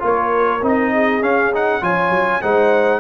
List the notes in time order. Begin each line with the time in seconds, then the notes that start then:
0.00 A#3 F4 A#4 C#5
0.63 C4 D#4 D#5
0.93 G#4
1.22 C#4 F5
1.54 D#4 F#5
1.81 F3 F4 C#5 G#5
2.10 F#3
2.42 G#3 D#4 C5 F#5